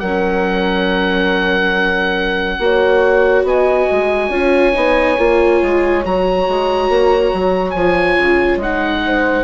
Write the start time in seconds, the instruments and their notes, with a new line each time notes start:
0.00 bassoon F#3, viola C#4, horn A#4, oboe F#5
2.59 bassoon A#3, viola F#4, horn C#5
3.44 bassoon B3, horn D#5, oboe G#5
3.92 bassoon G#3
4.30 bassoon C#4, viola F4, horn C#5
4.74 bassoon B3, viola D#4
5.18 bassoon A#3, viola F4
5.62 bassoon G#3
6.05 bassoon F#3, viola F#4, oboe A#5
6.48 bassoon G#3
6.89 bassoon A#3
7.34 bassoon F#3
7.71 bassoon F3, oboe G#5
7.78 viola F4
8.17 bassoon C#3
8.57 bassoon G#3, viola D#4, oboe F#5
9.06 horn C5